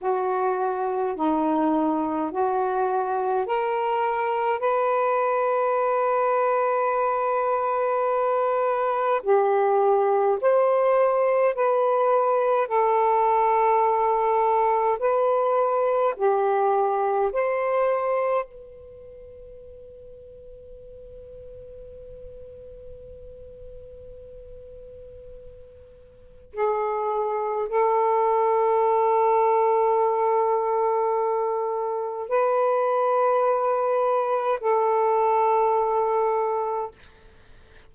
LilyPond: \new Staff \with { instrumentName = "saxophone" } { \time 4/4 \tempo 4 = 52 fis'4 dis'4 fis'4 ais'4 | b'1 | g'4 c''4 b'4 a'4~ | a'4 b'4 g'4 c''4 |
b'1~ | b'2. gis'4 | a'1 | b'2 a'2 | }